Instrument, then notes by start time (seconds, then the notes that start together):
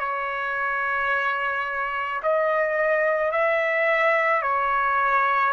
trumpet
0.00 C#5
2.23 D#5
3.32 E5
4.42 C#5